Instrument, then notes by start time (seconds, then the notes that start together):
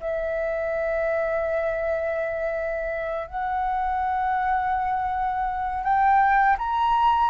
flute
0.00 E5
3.27 F#5
5.83 G5
6.58 A#5